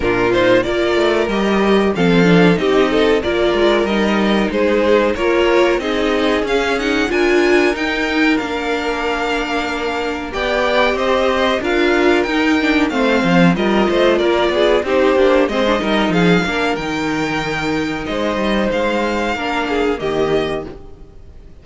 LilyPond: <<
  \new Staff \with { instrumentName = "violin" } { \time 4/4 \tempo 4 = 93 ais'8 c''8 d''4 dis''4 f''4 | dis''4 d''4 dis''4 c''4 | cis''4 dis''4 f''8 fis''8 gis''4 | g''4 f''2. |
g''4 dis''4 f''4 g''4 | f''4 dis''4 d''4 c''4 | dis''4 f''4 g''2 | dis''4 f''2 dis''4 | }
  \new Staff \with { instrumentName = "violin" } { \time 4/4 f'4 ais'2 a'4 | g'8 a'8 ais'2 gis'4 | ais'4 gis'2 ais'4~ | ais'1 |
d''4 c''4 ais'2 | c''4 ais'8 c''8 ais'8 gis'8 g'4 | c''8 ais'8 gis'8 ais'2~ ais'8 | c''2 ais'8 gis'8 g'4 | }
  \new Staff \with { instrumentName = "viola" } { \time 4/4 d'8 dis'8 f'4 g'4 c'8 d'8 | dis'4 f'4 dis'2 | f'4 dis'4 cis'8 dis'8 f'4 | dis'4 d'2. |
g'2 f'4 dis'8 d'8 | c'4 f'2 dis'8 d'8 | c'16 d'16 dis'4 d'8 dis'2~ | dis'2 d'4 ais4 | }
  \new Staff \with { instrumentName = "cello" } { \time 4/4 ais,4 ais8 a8 g4 f4 | c'4 ais8 gis8 g4 gis4 | ais4 c'4 cis'4 d'4 | dis'4 ais2. |
b4 c'4 d'4 dis'4 | a8 f8 g8 a8 ais8 b8 c'8 ais8 | gis8 g8 f8 ais8 dis2 | gis8 g8 gis4 ais4 dis4 | }
>>